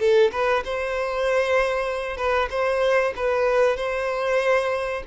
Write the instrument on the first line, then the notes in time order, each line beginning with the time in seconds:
violin
0.00 A4
0.32 B4
0.65 C5
2.18 B4
2.51 C5
3.16 B4
3.77 C5